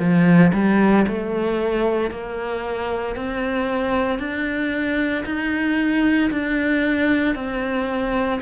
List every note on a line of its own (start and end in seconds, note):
0.00 0.53 F3
0.54 1.06 G3
1.08 2.11 A3
2.11 3.16 A#3
3.16 4.20 C4
4.20 5.25 D4
5.26 6.31 D#4
6.32 7.35 D4
7.35 8.41 C4